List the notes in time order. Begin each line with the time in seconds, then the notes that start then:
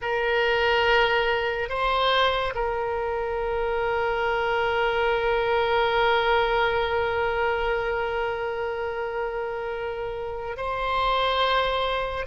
0.01 A#4
1.69 C5
2.54 A#4
10.56 C5